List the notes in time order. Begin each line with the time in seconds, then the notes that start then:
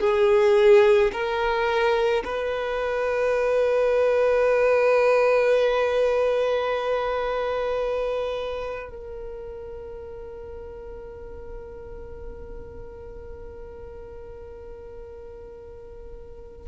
0.00 G#4
1.13 A#4
2.24 B4
8.90 A#4